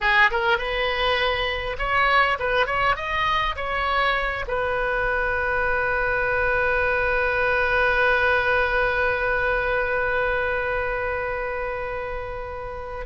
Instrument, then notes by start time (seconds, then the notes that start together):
oboe
0.00 G#4
0.30 A#4
0.58 B4
1.78 C#5
2.39 B4
2.66 C#5
2.96 D#5
3.56 C#5
4.47 B4